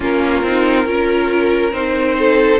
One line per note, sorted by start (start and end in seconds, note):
0.00 0.42 A#3
0.00 0.43 C#4
0.00 0.86 F4
0.00 1.73 A#4
0.42 0.85 C4
0.42 0.85 D#4
0.85 1.72 C#4
0.85 1.72 F4
0.85 2.17 A#4
1.72 2.59 C4
1.72 2.60 D#4
1.72 2.60 C5
2.18 2.60 A4